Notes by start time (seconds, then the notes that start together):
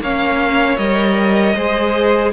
0.00 A#3 C#4 C#5 F5
0.77 G3 A#4 D#5
1.55 G#3 G#4 C5